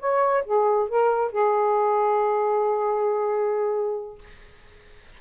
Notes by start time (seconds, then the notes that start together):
0.00 C#5
0.45 G#4
0.89 A#4
1.32 G#4